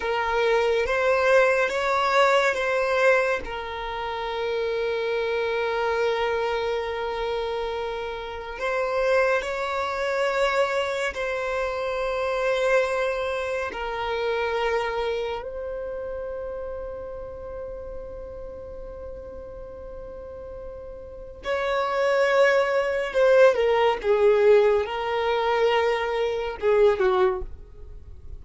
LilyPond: \new Staff \with { instrumentName = "violin" } { \time 4/4 \tempo 4 = 70 ais'4 c''4 cis''4 c''4 | ais'1~ | ais'2 c''4 cis''4~ | cis''4 c''2. |
ais'2 c''2~ | c''1~ | c''4 cis''2 c''8 ais'8 | gis'4 ais'2 gis'8 fis'8 | }